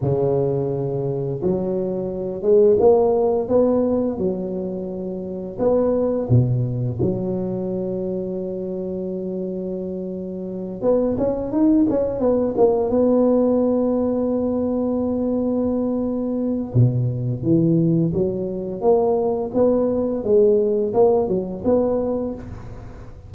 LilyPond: \new Staff \with { instrumentName = "tuba" } { \time 4/4 \tempo 4 = 86 cis2 fis4. gis8 | ais4 b4 fis2 | b4 b,4 fis2~ | fis2.~ fis8 b8 |
cis'8 dis'8 cis'8 b8 ais8 b4.~ | b1 | b,4 e4 fis4 ais4 | b4 gis4 ais8 fis8 b4 | }